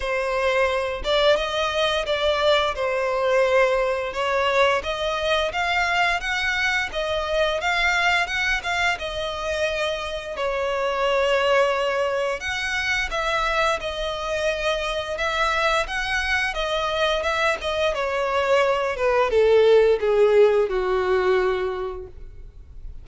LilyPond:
\new Staff \with { instrumentName = "violin" } { \time 4/4 \tempo 4 = 87 c''4. d''8 dis''4 d''4 | c''2 cis''4 dis''4 | f''4 fis''4 dis''4 f''4 | fis''8 f''8 dis''2 cis''4~ |
cis''2 fis''4 e''4 | dis''2 e''4 fis''4 | dis''4 e''8 dis''8 cis''4. b'8 | a'4 gis'4 fis'2 | }